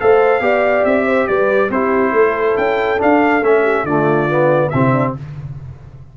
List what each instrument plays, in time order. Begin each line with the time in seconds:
0.00 tuba A3, trombone A4, horn C5, trumpet F5
0.40 tuba B3, trombone G4, horn D5
0.85 tuba C4, trumpet E5
1.06 horn C5
1.27 tuba G3, horn B4, trumpet D5
1.70 tuba C4, trombone E4, horn G4, trumpet C5
2.13 tuba A3, horn A4
2.57 tuba C#4, trumpet G5
2.98 trombone D4, tuba D4, trumpet F5
3.43 tuba A3, trombone C#4, trumpet E5
3.62 horn G4
3.84 tuba D3, trombone A3, horn F4, trumpet D5
4.29 trombone B3
4.70 tuba C3, trombone C4, horn E4, trumpet E5
4.92 horn D4